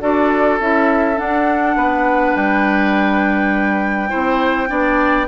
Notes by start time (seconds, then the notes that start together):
0.00 D4 F#4 A4 D5
0.59 C#4 E4 E5
1.15 D4 F#5
1.75 B3 B4
2.35 G3 G5
4.08 C4 E4 C5
4.67 B3 D4 D5